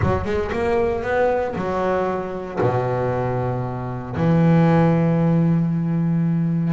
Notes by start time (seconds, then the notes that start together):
0.01 F#3
0.24 G#3
0.51 A#3
1.03 B3
1.55 F#3
2.60 B2
4.16 E3